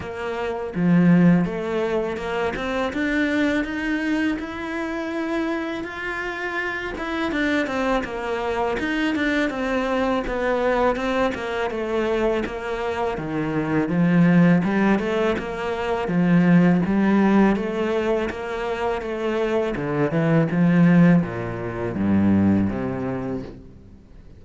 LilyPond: \new Staff \with { instrumentName = "cello" } { \time 4/4 \tempo 4 = 82 ais4 f4 a4 ais8 c'8 | d'4 dis'4 e'2 | f'4. e'8 d'8 c'8 ais4 | dis'8 d'8 c'4 b4 c'8 ais8 |
a4 ais4 dis4 f4 | g8 a8 ais4 f4 g4 | a4 ais4 a4 d8 e8 | f4 ais,4 g,4 c4 | }